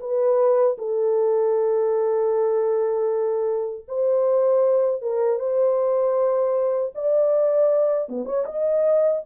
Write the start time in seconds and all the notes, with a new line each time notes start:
0.00 B4
0.78 A4
3.88 C5
5.02 A#4
5.39 C5
6.95 D5
8.09 B3
8.26 C#5
8.45 D#5